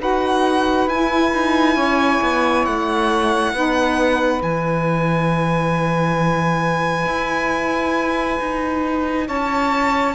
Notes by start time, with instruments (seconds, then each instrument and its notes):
0.00 cello D#4, saxophone F#4 B4, violin F#5
0.87 cello E4, saxophone E4, violin G#5
1.34 cello D#4
1.75 cello C#4, saxophone C#5
2.22 cello B3
2.65 cello A3, violin F#5
3.53 cello B3, saxophone D#4 B4
4.42 cello E3, saxophone E4, violin G#5
7.06 cello E4
8.40 cello D#4
9.27 cello C#4, saxophone C#5, violin A5